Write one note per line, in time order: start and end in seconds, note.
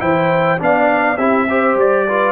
0.00 0.61 E3
0.00 0.59 E4
0.00 0.60 C5
0.00 0.60 G5
0.59 1.18 B3
0.59 1.18 D4
0.59 1.18 D5
0.59 1.18 F5
1.18 1.75 C4
1.18 1.48 E4
1.18 1.48 G4
1.18 1.77 E5
1.48 2.09 G4
1.48 2.07 C5
1.75 2.32 G3
1.75 2.32 D5
2.08 2.32 F4
2.08 2.32 B4